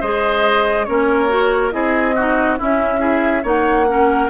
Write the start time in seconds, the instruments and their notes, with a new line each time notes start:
0.00 bassoon G#3, clarinet G#4, oboe C5, flute D#5
0.84 bassoon A#3, clarinet C#4, oboe A#4, flute C#5
1.29 clarinet F#4
1.71 bassoon C4, clarinet E4, oboe G#4, flute D#5
2.15 clarinet D#4, oboe F#4
2.58 clarinet C#4, bassoon C#4, oboe E4, flute E5
2.99 clarinet E4, oboe G#4
3.43 bassoon A#3, clarinet D#4, oboe C#5, flute F#5
3.87 clarinet C#4, oboe A#4